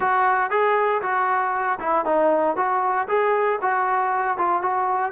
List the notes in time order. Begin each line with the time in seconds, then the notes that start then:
0.00 F#4
0.50 G#4
1.02 F#4
1.79 E4
2.05 D#4
2.56 F#4
3.07 G#4
3.61 F#4
4.37 F4
4.62 F#4